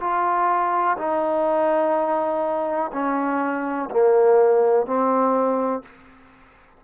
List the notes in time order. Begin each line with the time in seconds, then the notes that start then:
0.00 F4
0.98 D#4
2.92 C#4
3.90 A#3
4.86 C4